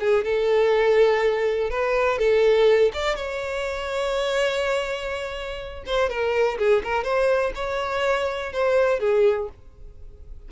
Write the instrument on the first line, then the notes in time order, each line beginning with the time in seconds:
violin
0.00 G#4
0.25 A4
1.71 B4
2.19 A4
2.94 D5
3.16 C#5
5.86 C5
6.10 A#4
6.59 G#4
6.84 A#4
7.04 C5
7.55 C#5
8.53 C5
9.00 G#4